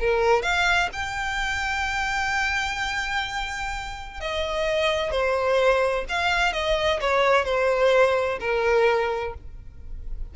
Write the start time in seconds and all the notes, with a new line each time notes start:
0.00 A#4
0.43 F5
0.93 G5
4.21 D#5
5.12 C5
6.09 F5
6.53 D#5
7.01 C#5
7.46 C5
8.41 A#4